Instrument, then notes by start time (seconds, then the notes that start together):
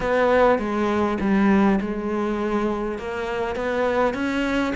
cello
0.00 B3
0.58 G#3
1.20 G3
1.81 G#3
2.98 A#3
3.55 B3
4.14 C#4